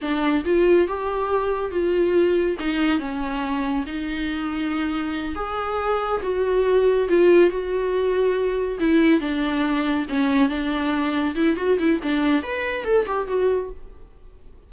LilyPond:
\new Staff \with { instrumentName = "viola" } { \time 4/4 \tempo 4 = 140 d'4 f'4 g'2 | f'2 dis'4 cis'4~ | cis'4 dis'2.~ | dis'8 gis'2 fis'4.~ |
fis'8 f'4 fis'2~ fis'8~ | fis'8 e'4 d'2 cis'8~ | cis'8 d'2 e'8 fis'8 e'8 | d'4 b'4 a'8 g'8 fis'4 | }